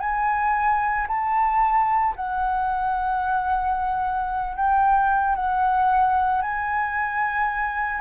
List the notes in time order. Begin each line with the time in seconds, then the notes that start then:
0.00 G#5
1.08 A5
2.16 F#5
4.56 G5
5.36 F#5
6.42 G#5